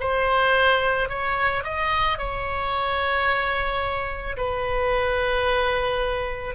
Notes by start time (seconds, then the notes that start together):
0.00 C5
1.09 C#5
1.64 D#5
2.18 C#5
4.37 B4